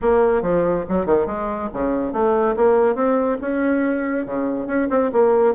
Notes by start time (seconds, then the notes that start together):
0.01 A#3
0.42 F3
0.88 F#3
1.05 D#3
1.26 G#3
1.73 C#3
2.12 A3
2.56 A#3
2.95 C4
3.41 C#4
4.26 C#3
4.66 C#4
4.90 C4
5.12 A#3